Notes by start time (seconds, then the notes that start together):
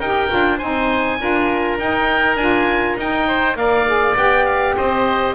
0.00 D#4 G4 A#4 G5
0.29 D4 F4
0.58 C4 D#4 C5 G#5
1.20 D4 F4 A#4
1.78 D#4 G5
2.36 D4 F4 G#5
2.97 D#4 G5
3.28 C5
3.56 A#3 A#4 D5 F5
3.87 G#4
4.16 B3 G4 G5
4.46 F5
4.76 C4 C5 D#5